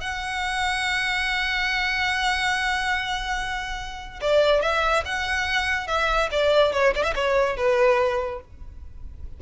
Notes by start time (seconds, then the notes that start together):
0.00 F#5
4.21 D5
4.61 E5
5.05 F#5
5.87 E5
6.31 D5
6.73 C#5
6.95 D5
7.03 E5
7.15 C#5
7.56 B4